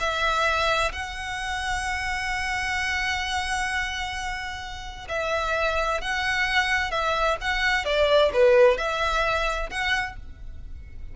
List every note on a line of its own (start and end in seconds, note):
0.00 0.92 E5
0.93 5.08 F#5
5.09 6.01 E5
6.01 6.91 F#5
6.91 7.37 E5
7.41 7.85 F#5
7.85 8.32 D5
8.34 8.78 B4
8.78 9.70 E5
9.70 10.17 F#5